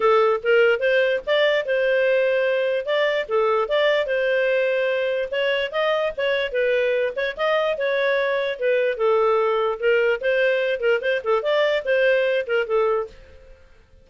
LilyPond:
\new Staff \with { instrumentName = "clarinet" } { \time 4/4 \tempo 4 = 147 a'4 ais'4 c''4 d''4 | c''2. d''4 | a'4 d''4 c''2~ | c''4 cis''4 dis''4 cis''4 |
b'4. cis''8 dis''4 cis''4~ | cis''4 b'4 a'2 | ais'4 c''4. ais'8 c''8 a'8 | d''4 c''4. ais'8 a'4 | }